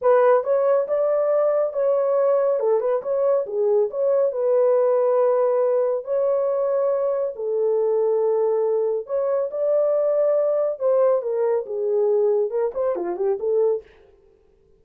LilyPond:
\new Staff \with { instrumentName = "horn" } { \time 4/4 \tempo 4 = 139 b'4 cis''4 d''2 | cis''2 a'8 b'8 cis''4 | gis'4 cis''4 b'2~ | b'2 cis''2~ |
cis''4 a'2.~ | a'4 cis''4 d''2~ | d''4 c''4 ais'4 gis'4~ | gis'4 ais'8 c''8 f'8 g'8 a'4 | }